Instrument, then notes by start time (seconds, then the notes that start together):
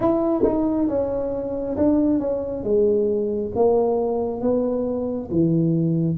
tuba
0.00 E4
0.43 D#4
0.88 C#4
1.76 D4
2.19 C#4
2.63 G#3
3.55 A#3
4.41 B3
5.30 E3